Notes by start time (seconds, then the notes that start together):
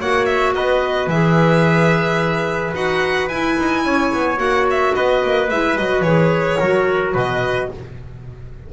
0.00 A#3 F#4 C#5 F#5
0.25 E5
0.54 B3 B4 D#5
1.07 E3 G#4 E5
2.74 D#4 F#4 F#5
3.28 E4 G#5
3.59 D#4
3.85 C#4 C#5
4.13 B3
4.36 A#3 F#4 F#5
4.71 E5
4.95 B3 B4 D#5
5.23 A#3
5.50 G#3 E4 E5
5.77 F#3 F#4 D#5
6.02 E3 G#4 C#5
6.59 F#3 F#4 A#4
7.14 B2 B4 D#5